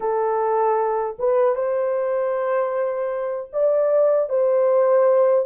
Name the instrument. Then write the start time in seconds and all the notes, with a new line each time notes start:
horn
0.00 A4
1.19 B4
1.55 C5
3.53 D5
4.29 C5